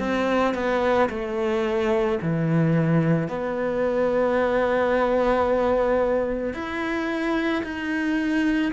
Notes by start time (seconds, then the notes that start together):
0.00 C4
0.55 B3
1.10 A3
2.22 E3
3.29 B3
6.55 E4
7.64 D#4